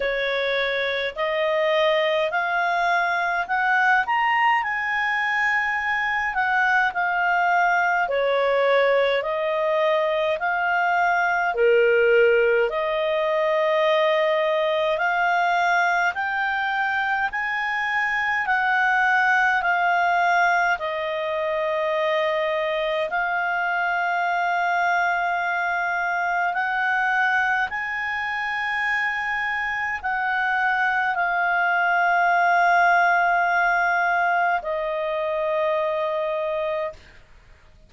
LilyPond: \new Staff \with { instrumentName = "clarinet" } { \time 4/4 \tempo 4 = 52 cis''4 dis''4 f''4 fis''8 ais''8 | gis''4. fis''8 f''4 cis''4 | dis''4 f''4 ais'4 dis''4~ | dis''4 f''4 g''4 gis''4 |
fis''4 f''4 dis''2 | f''2. fis''4 | gis''2 fis''4 f''4~ | f''2 dis''2 | }